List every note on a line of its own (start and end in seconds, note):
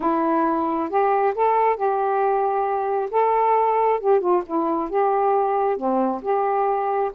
0.00 0.89 E4
0.89 1.34 G4
1.34 1.76 A4
1.76 3.09 G4
3.11 3.99 A4
4.00 4.20 G4
4.20 4.42 F4
4.45 4.89 E4
4.89 5.77 G4
5.77 6.21 C4
6.22 7.11 G4